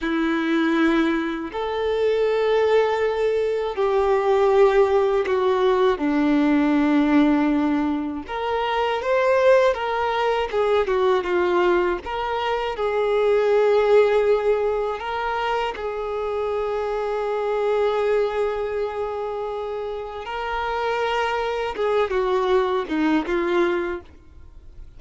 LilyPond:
\new Staff \with { instrumentName = "violin" } { \time 4/4 \tempo 4 = 80 e'2 a'2~ | a'4 g'2 fis'4 | d'2. ais'4 | c''4 ais'4 gis'8 fis'8 f'4 |
ais'4 gis'2. | ais'4 gis'2.~ | gis'2. ais'4~ | ais'4 gis'8 fis'4 dis'8 f'4 | }